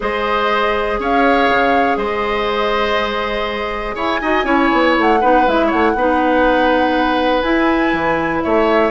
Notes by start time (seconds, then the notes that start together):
0.00 G#3 G#4 C5 D#5
0.99 C#4 C#5 F5
1.48 C#3
1.96 G#3 C5 D#5
3.95 E4 C#5 G#5
4.21 D#4 F#4 D#5
4.43 C#4 E4 C#5
4.72 B3
4.98 A3 F#5
5.20 B3 D#4 B4
5.47 G#3 E4 E5
5.66 C#5 F#5
5.72 A3
5.94 B3 D#4 B4
7.42 E4 G#5
7.93 E3
8.42 A3 C#5 E5